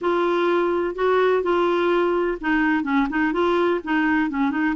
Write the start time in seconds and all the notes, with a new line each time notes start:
0.01 F4
0.95 F#4
1.43 F4
2.40 D#4
2.83 C#4
3.09 D#4
3.32 F4
3.83 D#4
4.30 C#4
4.51 D#4